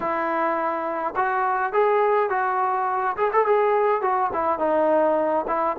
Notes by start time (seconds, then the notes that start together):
0.00 E4
1.16 F#4
1.72 G#4
2.29 F#4
3.16 G#4
3.32 A4
3.45 G#4
4.01 F#4
4.33 E4
4.58 D#4
5.47 E4